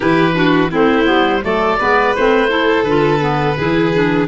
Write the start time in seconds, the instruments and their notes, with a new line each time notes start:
0.00 tuba E3, clarinet E4, violin G4, oboe B4
0.33 clarinet D4, violin F#4
0.70 tuba A3, clarinet C4, violin E4, oboe C5
1.04 tuba G3, clarinet B3
1.43 tuba F#3, clarinet A3, violin A4, oboe D5
1.79 tuba G#3, clarinet B3, violin B4
2.15 tuba A3, clarinet C4, oboe C5
2.48 clarinet E4, violin A4
2.83 tuba D3, clarinet F4, oboe B4
3.19 clarinet B3
3.57 tuba E3, clarinet E4, violin G#4
3.93 clarinet D4